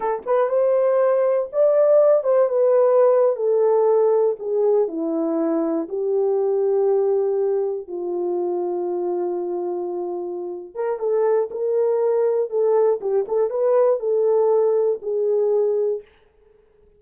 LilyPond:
\new Staff \with { instrumentName = "horn" } { \time 4/4 \tempo 4 = 120 a'8 b'8 c''2 d''4~ | d''8 c''8 b'4.~ b'16 a'4~ a'16~ | a'8. gis'4 e'2 g'16~ | g'2.~ g'8. f'16~ |
f'1~ | f'4. ais'8 a'4 ais'4~ | ais'4 a'4 g'8 a'8 b'4 | a'2 gis'2 | }